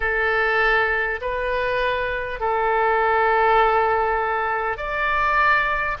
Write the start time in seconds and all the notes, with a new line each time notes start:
0.00 A4
1.21 B4
2.40 A4
4.77 D5